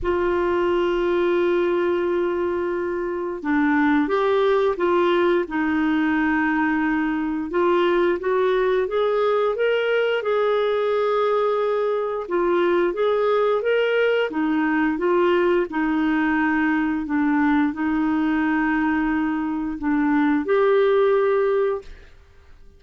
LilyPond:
\new Staff \with { instrumentName = "clarinet" } { \time 4/4 \tempo 4 = 88 f'1~ | f'4 d'4 g'4 f'4 | dis'2. f'4 | fis'4 gis'4 ais'4 gis'4~ |
gis'2 f'4 gis'4 | ais'4 dis'4 f'4 dis'4~ | dis'4 d'4 dis'2~ | dis'4 d'4 g'2 | }